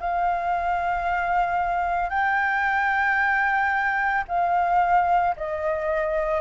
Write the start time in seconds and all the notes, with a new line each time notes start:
0.00 F5
2.09 G5
4.28 F5
5.36 D#5